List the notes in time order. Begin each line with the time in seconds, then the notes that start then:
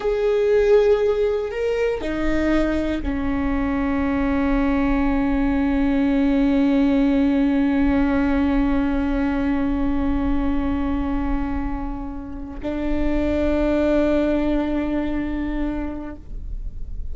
0.00 G#4
1.51 A#4
2.01 D#4
3.03 C#4
12.62 D4